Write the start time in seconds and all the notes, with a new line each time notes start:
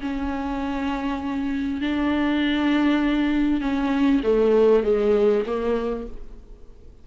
0.00 C#4
1.80 D4
3.61 C#4
4.23 A3
4.83 G#3
5.46 A#3